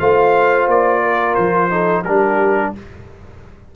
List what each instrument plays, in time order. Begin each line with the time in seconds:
0.00 tuba A3, trombone F4, horn C5, trumpet F5
0.68 tuba A#3, trumpet D5
1.02 horn A#4
1.35 tuba F3, trumpet C5
1.71 trombone D#4, horn A4
2.03 tuba G3, trombone D4, horn G4, trumpet A#4